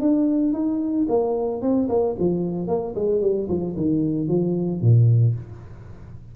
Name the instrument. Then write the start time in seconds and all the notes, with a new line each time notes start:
tuba
0.00 D4
0.53 D#4
1.09 A#3
1.61 C4
1.89 A#3
2.19 F3
2.67 A#3
2.95 G#3
3.21 G3
3.48 F3
3.76 D#3
4.28 F3
4.81 A#2